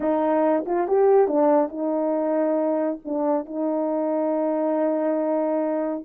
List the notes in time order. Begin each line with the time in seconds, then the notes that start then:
0.00 D#4
0.66 F4
0.87 G4
1.27 D4
1.68 D#4
3.05 D4
3.45 D#4